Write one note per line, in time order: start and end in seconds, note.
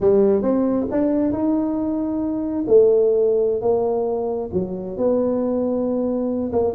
0.00 0.42 G3
0.42 0.86 C4
0.91 1.32 D4
1.32 2.65 D#4
2.67 3.61 A3
3.61 4.50 A#3
4.53 4.97 F#3
4.97 6.51 B3
6.52 6.74 A#3